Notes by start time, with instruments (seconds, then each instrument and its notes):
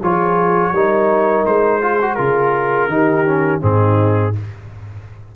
0.00 tuba F3, trombone F4, horn G#4, trumpet C#5
0.73 tuba G3, trombone D#4, horn A#4
1.46 tuba G#3, trumpet C5
1.82 trombone F4, horn G#4
2.02 trombone F#4
2.15 tuba C#3, trombone F4, trumpet A#4
2.88 tuba D#3, trombone D#4, horn G4
3.26 trombone C#4
3.61 tuba G#2, trombone C4, horn D#4, trumpet G#4